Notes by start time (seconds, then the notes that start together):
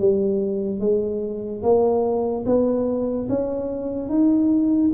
0.00 G3
0.80 G#3
1.63 A#3
2.46 B3
3.30 C#4
4.09 D#4